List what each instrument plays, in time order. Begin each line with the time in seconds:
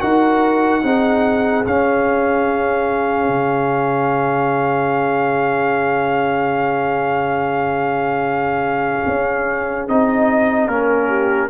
0.00 tuba D#4, trombone F#4, horn A#4, trumpet F#5
0.82 tuba C4, trombone D#4, horn G#4
1.66 tuba C#4, trombone C#4, trumpet F5
3.28 tuba C#3
9.06 tuba C#4
9.89 tuba C4, trombone D#4, trumpet D#5
10.68 tuba A#3, trombone C#4, trumpet A#4
11.07 horn G4